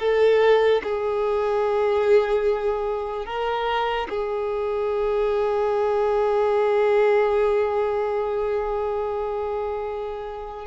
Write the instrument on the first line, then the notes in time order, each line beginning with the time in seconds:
violin
0.00 A4
0.84 G#4
3.26 A#4
4.10 G#4